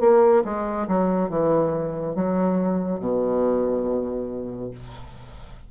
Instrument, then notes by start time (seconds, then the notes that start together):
bassoon
0.00 A#3
0.44 G#3
0.88 F#3
1.29 E3
2.15 F#3
2.99 B2